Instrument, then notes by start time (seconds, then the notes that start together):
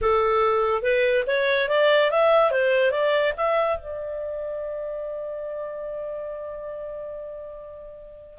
clarinet
0.01 A4
0.82 B4
1.26 C#5
1.68 D5
2.11 E5
2.51 C5
2.91 D5
3.36 E5
3.78 D5